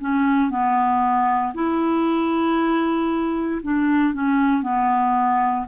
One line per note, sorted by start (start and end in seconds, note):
0.00 0.50 C#4
0.50 1.53 B3
1.54 3.61 E4
3.63 4.14 D4
4.14 4.62 C#4
4.62 5.66 B3